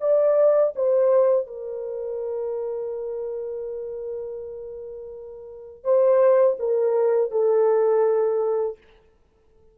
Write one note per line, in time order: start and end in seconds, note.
0.00 0.73 D5
0.75 1.47 C5
1.47 5.84 A#4
5.84 6.57 C5
6.59 7.31 A#4
7.31 8.77 A4